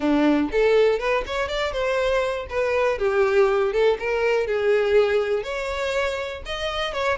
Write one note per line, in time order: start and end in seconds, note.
0.00 0.50 D4
0.51 0.99 A4
0.99 1.24 B4
1.26 1.48 C#5
1.48 1.72 D5
1.72 2.46 C5
2.49 2.98 B4
2.98 3.72 G4
3.72 3.97 A4
3.99 4.46 A#4
4.46 5.43 G#4
5.43 6.42 C#5
6.45 6.93 D#5
6.93 7.18 C#5